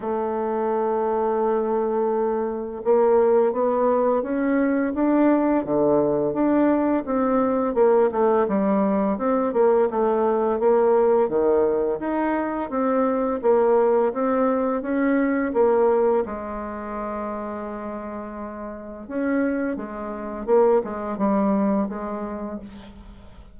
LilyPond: \new Staff \with { instrumentName = "bassoon" } { \time 4/4 \tempo 4 = 85 a1 | ais4 b4 cis'4 d'4 | d4 d'4 c'4 ais8 a8 | g4 c'8 ais8 a4 ais4 |
dis4 dis'4 c'4 ais4 | c'4 cis'4 ais4 gis4~ | gis2. cis'4 | gis4 ais8 gis8 g4 gis4 | }